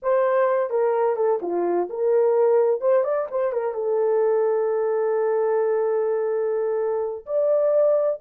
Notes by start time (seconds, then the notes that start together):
0.02 C5
0.69 A#4
1.16 A4
1.41 F4
1.89 A#4
2.80 C5
3.04 D5
3.30 C5
3.52 A#4
3.74 A4
7.26 D5